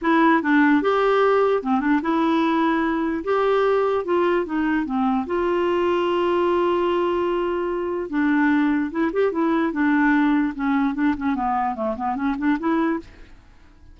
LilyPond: \new Staff \with { instrumentName = "clarinet" } { \time 4/4 \tempo 4 = 148 e'4 d'4 g'2 | c'8 d'8 e'2. | g'2 f'4 dis'4 | c'4 f'2.~ |
f'1 | d'2 e'8 g'8 e'4 | d'2 cis'4 d'8 cis'8 | b4 a8 b8 cis'8 d'8 e'4 | }